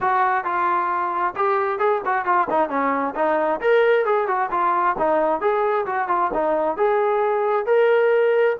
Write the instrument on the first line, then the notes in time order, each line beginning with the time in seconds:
trombone
0.00 F#4
0.44 F4
1.35 G4
1.78 G#4
2.05 F#4
2.25 F4
2.50 D#4
2.69 C#4
3.15 D#4
3.60 A#4
4.05 G#4
4.27 F#4
4.51 F4
4.98 D#4
5.40 G#4
5.85 F#4
6.08 F4
6.33 D#4
6.76 G#4
7.66 A#4